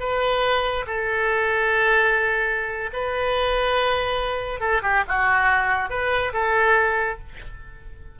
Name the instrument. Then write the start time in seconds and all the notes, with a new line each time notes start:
oboe
0.00 B4
0.87 A4
2.93 B4
4.61 A4
4.83 G4
5.08 F#4
5.90 B4
6.34 A4